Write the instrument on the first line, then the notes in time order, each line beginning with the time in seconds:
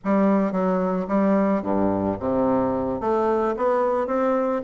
bassoon
0.04 G3
0.52 F#3
1.08 G3
1.62 G2
2.19 C3
3.00 A3
3.56 B3
4.06 C4